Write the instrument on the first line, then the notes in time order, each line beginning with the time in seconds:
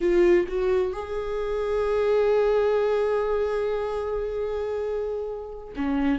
viola
0.01 F4
0.48 F#4
0.92 G#4
5.76 C#4